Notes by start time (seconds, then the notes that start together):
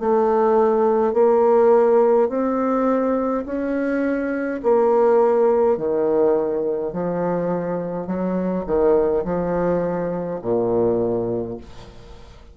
0.00 A3
1.13 A#3
2.29 C4
3.46 C#4
4.63 A#3
5.77 D#3
6.93 F3
8.07 F#3
8.66 D#3
9.25 F3
10.42 A#2